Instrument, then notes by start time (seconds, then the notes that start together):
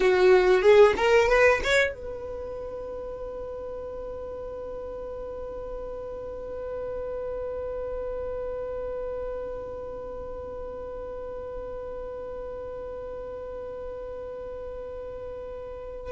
violin
0.00 F#4
0.61 G#4
0.96 A#4
1.28 B4
1.63 C#5
1.94 B4